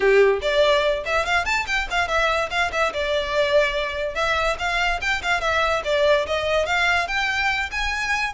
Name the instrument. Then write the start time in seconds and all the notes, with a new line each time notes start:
violin
0.00 G4
0.41 D5
1.05 E5
1.25 F5
1.45 A5
1.67 G5
1.90 F5
2.08 E5
2.50 F5
2.72 E5
2.93 D5
4.14 E5
4.58 F5
5.01 G5
5.22 F5
5.40 E5
5.84 D5
6.26 D#5
6.66 F5
7.07 G5
7.71 G#5